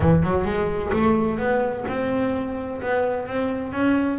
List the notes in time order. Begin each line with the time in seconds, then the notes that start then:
0.00 E3
0.23 F#3
0.44 G#3
0.92 A3
1.38 B3
1.88 C4
2.81 B3
3.27 C4
3.72 C#4